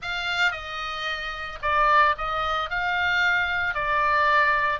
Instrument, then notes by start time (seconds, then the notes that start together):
oboe
0.01 F5
0.51 D#5
1.61 D5
2.17 D#5
2.70 F5
3.74 D5